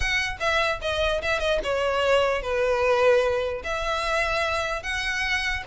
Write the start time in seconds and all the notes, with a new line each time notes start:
0.00 F#5
0.40 E5
0.81 D#5
1.22 E5
1.39 D#5
1.63 C#5
2.42 B4
3.63 E5
4.82 F#5